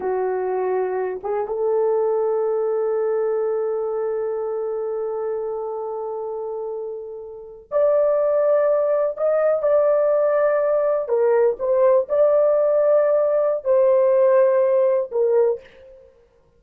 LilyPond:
\new Staff \with { instrumentName = "horn" } { \time 4/4 \tempo 4 = 123 fis'2~ fis'8 gis'8 a'4~ | a'1~ | a'1~ | a'2.~ a'8. d''16~ |
d''2~ d''8. dis''4 d''16~ | d''2~ d''8. ais'4 c''16~ | c''8. d''2.~ d''16 | c''2. ais'4 | }